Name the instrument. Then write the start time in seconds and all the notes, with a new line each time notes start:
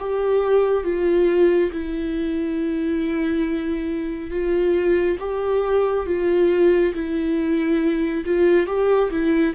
viola
0.00 G4
0.84 F4
1.72 E4
4.31 F4
5.20 G4
6.07 F4
6.95 E4
8.26 F4
8.67 G4
9.11 E4